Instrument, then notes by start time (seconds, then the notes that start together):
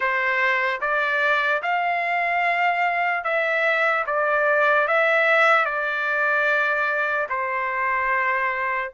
trumpet
0.00 C5
0.81 D5
1.62 F5
3.24 E5
4.06 D5
4.87 E5
5.65 D5
7.29 C5